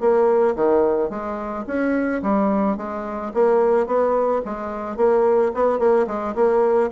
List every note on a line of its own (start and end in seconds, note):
0.00 0.55 A#3
0.55 1.10 D#3
1.10 1.65 G#3
1.67 2.22 C#4
2.22 2.77 G3
2.77 3.32 G#3
3.34 3.86 A#3
3.86 4.41 B3
4.45 4.96 G#3
4.96 5.51 A#3
5.54 5.79 B3
5.79 6.06 A#3
6.07 6.35 G#3
6.35 6.90 A#3